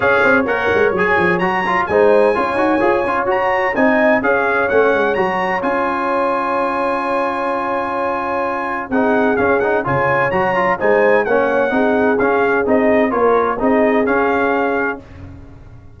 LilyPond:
<<
  \new Staff \with { instrumentName = "trumpet" } { \time 4/4 \tempo 4 = 128 f''4 fis''4 gis''4 ais''4 | gis''2. ais''4 | gis''4 f''4 fis''4 ais''4 | gis''1~ |
gis''2. fis''4 | f''8 fis''8 gis''4 ais''4 gis''4 | fis''2 f''4 dis''4 | cis''4 dis''4 f''2 | }
  \new Staff \with { instrumentName = "horn" } { \time 4/4 cis''1 | c''4 cis''2. | dis''4 cis''2.~ | cis''1~ |
cis''2. gis'4~ | gis'4 cis''2 c''4 | cis''4 gis'2. | ais'4 gis'2. | }
  \new Staff \with { instrumentName = "trombone" } { \time 4/4 gis'4 ais'4 gis'4 fis'8 f'8 | dis'4 f'8 fis'8 gis'8 f'8 fis'4 | dis'4 gis'4 cis'4 fis'4 | f'1~ |
f'2. dis'4 | cis'8 dis'8 f'4 fis'8 f'8 dis'4 | cis'4 dis'4 cis'4 dis'4 | f'4 dis'4 cis'2 | }
  \new Staff \with { instrumentName = "tuba" } { \time 4/4 cis'8 c'8 ais8 gis8 fis8 f8 fis4 | gis4 cis'8 dis'8 f'8 cis'8 fis'4 | c'4 cis'4 a8 gis8 fis4 | cis'1~ |
cis'2. c'4 | cis'4 cis4 fis4 gis4 | ais4 c'4 cis'4 c'4 | ais4 c'4 cis'2 | }
>>